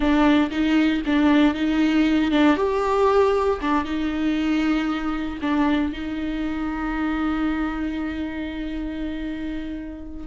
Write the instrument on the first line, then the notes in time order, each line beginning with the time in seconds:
viola
0.00 D4
0.50 D#4
1.05 D4
1.54 D#4
2.31 D4
2.56 G4
3.61 D4
3.85 D#4
5.41 D4
5.92 D#4